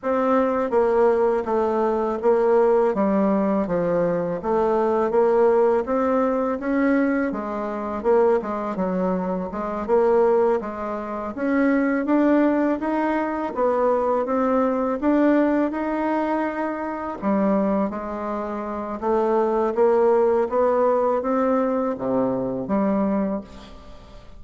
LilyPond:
\new Staff \with { instrumentName = "bassoon" } { \time 4/4 \tempo 4 = 82 c'4 ais4 a4 ais4 | g4 f4 a4 ais4 | c'4 cis'4 gis4 ais8 gis8 | fis4 gis8 ais4 gis4 cis'8~ |
cis'8 d'4 dis'4 b4 c'8~ | c'8 d'4 dis'2 g8~ | g8 gis4. a4 ais4 | b4 c'4 c4 g4 | }